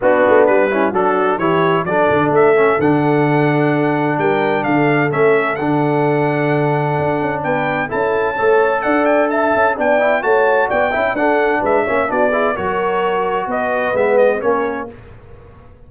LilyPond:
<<
  \new Staff \with { instrumentName = "trumpet" } { \time 4/4 \tempo 4 = 129 fis'4 b'4 a'4 cis''4 | d''4 e''4 fis''2~ | fis''4 g''4 f''4 e''4 | fis''1 |
g''4 a''2 fis''8 g''8 | a''4 g''4 a''4 g''4 | fis''4 e''4 d''4 cis''4~ | cis''4 dis''4 e''8 dis''8 cis''4 | }
  \new Staff \with { instrumentName = "horn" } { \time 4/4 d'4. e'8 fis'4 g'4 | a'1~ | a'4 ais'4 a'2~ | a'1 |
b'4 a'4 cis''4 d''4 | e''4 d''4 cis''4 d''8 e''8 | a'4 b'8 cis''8 fis'8 gis'8 ais'4~ | ais'4 b'2 ais'4 | }
  \new Staff \with { instrumentName = "trombone" } { \time 4/4 b4. cis'8 d'4 e'4 | d'4. cis'8 d'2~ | d'2. cis'4 | d'1~ |
d'4 e'4 a'2~ | a'4 d'8 e'8 fis'4. e'8 | d'4. cis'8 d'8 e'8 fis'4~ | fis'2 b4 cis'4 | }
  \new Staff \with { instrumentName = "tuba" } { \time 4/4 b8 a8 g4 fis4 e4 | fis8 d8 a4 d2~ | d4 g4 d4 a4 | d2. d'8 cis'8 |
b4 cis'4 a4 d'4~ | d'8 cis'8 b4 a4 b8 cis'8 | d'4 gis8 ais8 b4 fis4~ | fis4 b4 gis4 ais4 | }
>>